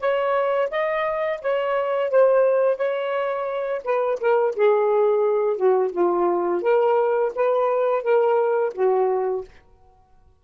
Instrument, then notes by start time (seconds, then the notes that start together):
saxophone
0.00 C#5
0.71 D#5
1.42 C#5
2.11 C5
2.77 C#5
3.85 B4
4.21 A#4
4.56 G#4
5.57 F#4
5.93 F4
6.62 A#4
7.36 B4
8.03 A#4
8.75 F#4